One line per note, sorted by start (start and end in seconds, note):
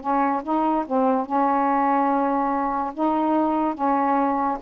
0.00 0.42 C#4
0.43 0.84 D#4
0.86 1.26 C4
1.26 2.92 C#4
2.94 3.74 D#4
3.74 4.58 C#4